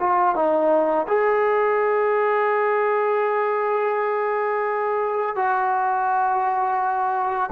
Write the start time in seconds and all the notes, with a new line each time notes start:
0.00 F4
0.36 D#4
1.08 G#4
5.36 F#4